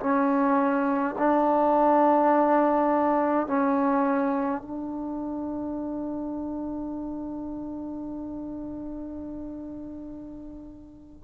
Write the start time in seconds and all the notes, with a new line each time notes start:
0.00 C#4
1.19 D4
3.47 C#4
4.62 D4